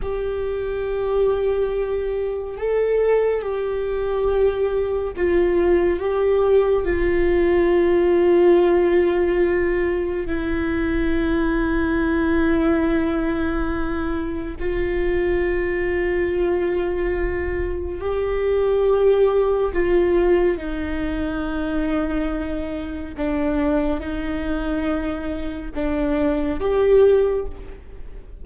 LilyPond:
\new Staff \with { instrumentName = "viola" } { \time 4/4 \tempo 4 = 70 g'2. a'4 | g'2 f'4 g'4 | f'1 | e'1~ |
e'4 f'2.~ | f'4 g'2 f'4 | dis'2. d'4 | dis'2 d'4 g'4 | }